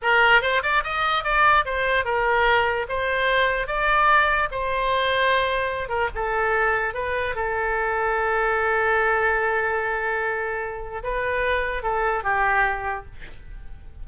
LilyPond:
\new Staff \with { instrumentName = "oboe" } { \time 4/4 \tempo 4 = 147 ais'4 c''8 d''8 dis''4 d''4 | c''4 ais'2 c''4~ | c''4 d''2 c''4~ | c''2~ c''8 ais'8 a'4~ |
a'4 b'4 a'2~ | a'1~ | a'2. b'4~ | b'4 a'4 g'2 | }